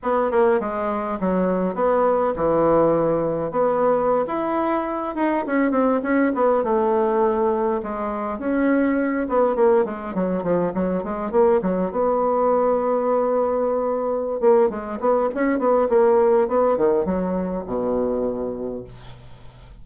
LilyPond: \new Staff \with { instrumentName = "bassoon" } { \time 4/4 \tempo 4 = 102 b8 ais8 gis4 fis4 b4 | e2 b4~ b16 e'8.~ | e'8. dis'8 cis'8 c'8 cis'8 b8 a8.~ | a4~ a16 gis4 cis'4. b16~ |
b16 ais8 gis8 fis8 f8 fis8 gis8 ais8 fis16~ | fis16 b2.~ b8.~ | b8 ais8 gis8 b8 cis'8 b8 ais4 | b8 dis8 fis4 b,2 | }